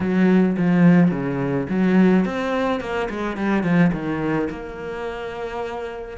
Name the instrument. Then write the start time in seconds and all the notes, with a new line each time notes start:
cello
0.00 F#3
0.57 F3
1.11 C#3
1.69 F#3
2.25 C4
2.80 A#3
3.10 G#3
3.36 G3
3.63 F3
3.93 D#3
4.50 A#3